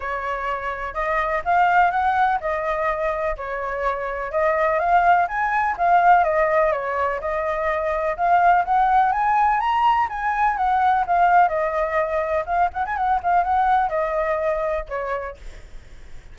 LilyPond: \new Staff \with { instrumentName = "flute" } { \time 4/4 \tempo 4 = 125 cis''2 dis''4 f''4 | fis''4 dis''2 cis''4~ | cis''4 dis''4 f''4 gis''4 | f''4 dis''4 cis''4 dis''4~ |
dis''4 f''4 fis''4 gis''4 | ais''4 gis''4 fis''4 f''4 | dis''2 f''8 fis''16 gis''16 fis''8 f''8 | fis''4 dis''2 cis''4 | }